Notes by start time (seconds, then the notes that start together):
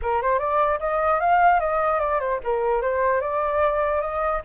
0.01 A#4
0.22 C5
0.38 D5
0.79 D#5
1.20 F5
1.60 D#5
2.00 D5
2.20 C5
2.43 A#4
2.81 C5
3.20 D5
4.01 D#5